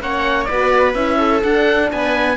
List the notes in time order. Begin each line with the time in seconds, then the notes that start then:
0.00 A#3 C#4 C#5 F#5
0.44 B3 B4 D5
0.51 F#4
0.93 C#4 E4 E5
1.17 A4
1.42 D4 F#5
1.91 B3 B4 G#5